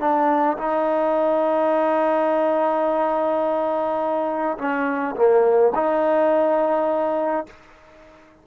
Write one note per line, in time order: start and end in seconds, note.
0.00 0.57 D4
0.57 4.57 D#4
4.58 5.15 C#4
5.15 5.72 A#3
5.75 7.46 D#4